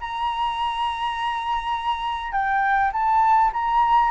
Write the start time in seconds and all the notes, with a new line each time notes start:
0.00 A#5
2.32 G5
2.93 A5
3.53 A#5